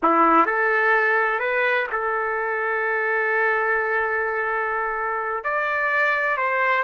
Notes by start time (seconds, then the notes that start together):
0.02 E4
0.46 A4
1.39 B4
1.92 A4
5.44 D5
6.37 C5